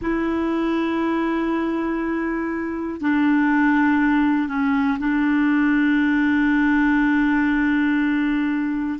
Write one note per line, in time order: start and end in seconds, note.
0.01 3.00 E4
3.00 4.48 D4
4.48 4.98 C#4
4.99 8.99 D4